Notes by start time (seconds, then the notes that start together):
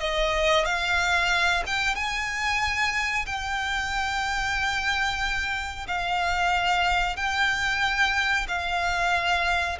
0.00 D#5
0.66 F5
1.67 G5
1.95 G#5
3.26 G5
5.88 F5
7.17 G5
8.48 F5